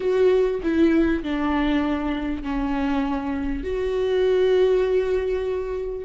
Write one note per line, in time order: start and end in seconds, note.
0.00 0.61 F#4
0.62 1.23 E4
1.23 2.42 D4
2.42 3.63 C#4
3.63 6.04 F#4